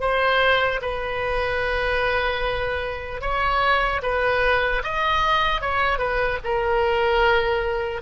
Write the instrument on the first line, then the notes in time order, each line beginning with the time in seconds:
oboe
0.00 C5
0.81 B4
3.21 C#5
4.02 B4
4.83 D#5
5.61 C#5
5.98 B4
6.44 A#4